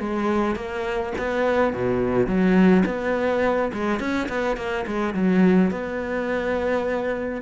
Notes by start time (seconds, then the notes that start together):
0.00 G#3
0.56 A#3
1.18 B3
1.74 B2
2.27 F#3
2.86 B3
3.74 G#3
4.00 C#4
4.29 B3
4.57 A#3
4.87 G#3
5.15 F#3
5.71 B3